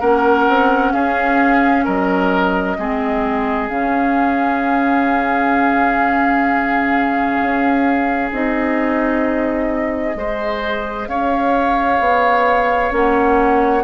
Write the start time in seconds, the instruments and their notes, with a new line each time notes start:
0.00 bassoon A#3, clarinet C#4, oboe A#4, flute F#5
0.48 bassoon C4
0.92 bassoon C#4, oboe G#4, flute F5
1.84 bassoon F#3, oboe A#4, flute D#5
2.78 bassoon G#3, clarinet C4, oboe G#4
3.68 bassoon C#3, clarinet C#4, flute F5
7.41 bassoon C#4
8.31 bassoon C4, clarinet D#4, flute D#5
10.15 bassoon G#3, clarinet G#4, oboe C5
11.07 bassoon C#4, oboe C#5, flute F5
11.99 bassoon B3
12.90 bassoon A#3, clarinet C#4, flute F#5